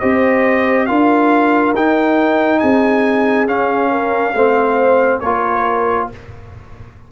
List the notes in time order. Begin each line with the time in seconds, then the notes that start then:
0.00 C4 G4 C5 D#5
0.86 D4 F4 A#4 F5
1.74 D#4 G5
2.59 C4 G#4 G#5
3.47 C#4 F5
3.91 A#4
4.34 A3 C4 C5
5.20 A#3 F4 A#4 C#5